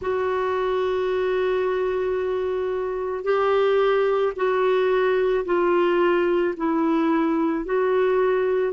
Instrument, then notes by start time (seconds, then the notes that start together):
clarinet
0.01 F#4
3.23 G4
4.35 F#4
5.45 F4
6.57 E4
7.65 F#4